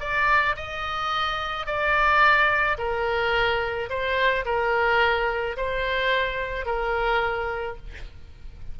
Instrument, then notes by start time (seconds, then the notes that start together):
oboe
0.00 D5
0.56 D#5
1.66 D5
2.78 A#4
3.89 C5
4.45 A#4
5.57 C5
6.66 A#4